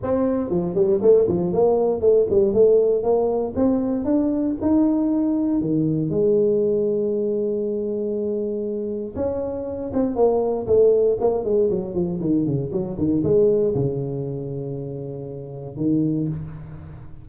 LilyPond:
\new Staff \with { instrumentName = "tuba" } { \time 4/4 \tempo 4 = 118 c'4 f8 g8 a8 f8 ais4 | a8 g8 a4 ais4 c'4 | d'4 dis'2 dis4 | gis1~ |
gis2 cis'4. c'8 | ais4 a4 ais8 gis8 fis8 f8 | dis8 cis8 fis8 dis8 gis4 cis4~ | cis2. dis4 | }